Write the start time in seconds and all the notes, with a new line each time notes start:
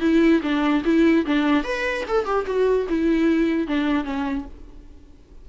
0.00 E4
0.42 D4
0.84 E4
1.26 D4
1.63 B4
2.07 A4
2.25 G4
2.46 F#4
2.89 E4
3.67 D4
4.04 C#4